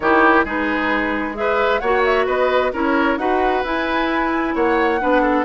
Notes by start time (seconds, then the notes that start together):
0.00 D#3 E4 G4 C#5
0.44 G#3 D#4 G#4 B4
1.35 G#4 B4 E5
1.79 A#3 F#4 C#5 F#5
2.04 E5
2.26 B3 B4 D#5
2.73 C#4 E4 A#4 C#5
3.17 D#4 F#4 B4 F#5
3.63 E4 G#5
4.54 A#3 C#5 F#5
5.00 B3 D4 B4
5.22 A4